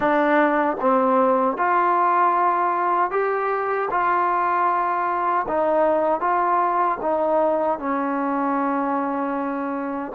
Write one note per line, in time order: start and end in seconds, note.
0.00 0.77 D4
0.80 1.57 C4
1.57 3.11 F4
3.11 3.89 G4
3.90 5.46 F4
5.48 6.20 D#4
6.20 6.98 F4
7.01 7.78 D#4
7.78 10.12 C#4